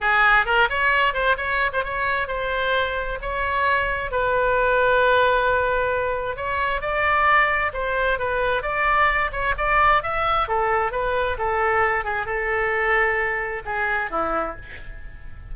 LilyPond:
\new Staff \with { instrumentName = "oboe" } { \time 4/4 \tempo 4 = 132 gis'4 ais'8 cis''4 c''8 cis''8. c''16 | cis''4 c''2 cis''4~ | cis''4 b'2.~ | b'2 cis''4 d''4~ |
d''4 c''4 b'4 d''4~ | d''8 cis''8 d''4 e''4 a'4 | b'4 a'4. gis'8 a'4~ | a'2 gis'4 e'4 | }